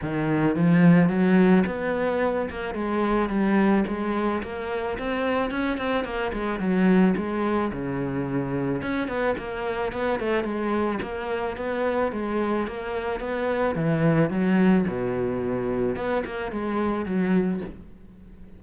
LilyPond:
\new Staff \with { instrumentName = "cello" } { \time 4/4 \tempo 4 = 109 dis4 f4 fis4 b4~ | b8 ais8 gis4 g4 gis4 | ais4 c'4 cis'8 c'8 ais8 gis8 | fis4 gis4 cis2 |
cis'8 b8 ais4 b8 a8 gis4 | ais4 b4 gis4 ais4 | b4 e4 fis4 b,4~ | b,4 b8 ais8 gis4 fis4 | }